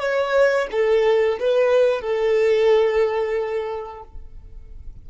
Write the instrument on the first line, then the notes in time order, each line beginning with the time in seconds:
violin
0.00 C#5
0.71 A4
1.39 B4
2.01 A4